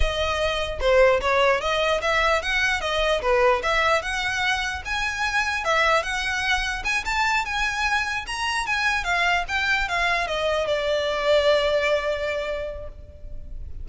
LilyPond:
\new Staff \with { instrumentName = "violin" } { \time 4/4 \tempo 4 = 149 dis''2 c''4 cis''4 | dis''4 e''4 fis''4 dis''4 | b'4 e''4 fis''2 | gis''2 e''4 fis''4~ |
fis''4 gis''8 a''4 gis''4.~ | gis''8 ais''4 gis''4 f''4 g''8~ | g''8 f''4 dis''4 d''4.~ | d''1 | }